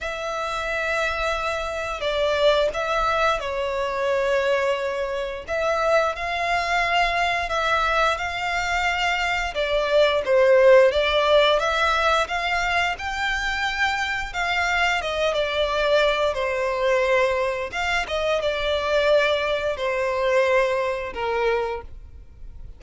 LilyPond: \new Staff \with { instrumentName = "violin" } { \time 4/4 \tempo 4 = 88 e''2. d''4 | e''4 cis''2. | e''4 f''2 e''4 | f''2 d''4 c''4 |
d''4 e''4 f''4 g''4~ | g''4 f''4 dis''8 d''4. | c''2 f''8 dis''8 d''4~ | d''4 c''2 ais'4 | }